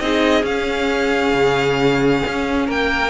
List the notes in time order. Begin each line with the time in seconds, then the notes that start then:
0.00 C4 D#4 G#4 D#5
0.43 C#4 F5
1.33 C#3
2.27 C#4
2.67 A#3 A#4 G5